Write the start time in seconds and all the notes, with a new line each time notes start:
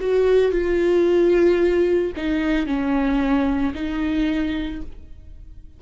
0.00 F#4
0.52 F4
2.16 D#4
2.66 C#4
3.75 D#4